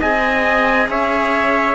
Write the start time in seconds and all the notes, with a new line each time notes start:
0.00 C4 G#4 D#5 G#5
0.89 C#4 C#5 E5